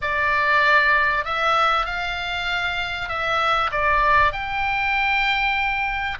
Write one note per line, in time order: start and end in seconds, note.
0.01 1.25 D5
1.25 1.86 E5
1.86 3.08 F5
3.08 3.70 E5
3.71 4.32 D5
4.32 6.17 G5